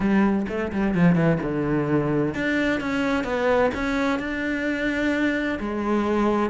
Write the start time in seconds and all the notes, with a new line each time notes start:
0.00 G3
0.48 A3
0.72 G3
0.94 F3
1.15 E3
1.42 D3
2.34 D4
2.80 C#4
3.23 B3
3.74 C#4
4.19 D4
5.59 G#3